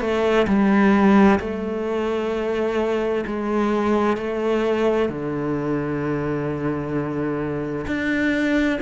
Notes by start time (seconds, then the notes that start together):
0.00 A3
0.47 G3
1.40 A3
3.26 G#3
4.17 A3
5.09 D3
7.87 D4